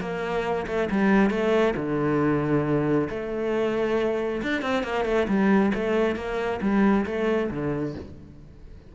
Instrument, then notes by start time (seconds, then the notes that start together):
cello
0.00 A#3
0.67 A3
0.90 G3
1.30 A3
1.76 D3
3.09 A3
4.42 D4
4.61 C4
4.83 A#3
5.05 A3
5.28 G3
5.74 A3
6.16 A#3
6.61 G3
7.06 A3
7.50 D3